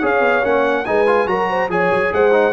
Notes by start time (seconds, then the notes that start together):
0.00 C#4 G#4 C#5 F5
0.20 B3
0.43 A#3 C#4 F#5
0.85 G#3 D#4 B4 G#5
1.07 F4
1.26 F#3 F#4 A#4 A#5
1.49 C5
1.69 F3 G#4 C#5 G#5
1.91 F#3
2.13 G#3 C5 F#5
2.31 D#4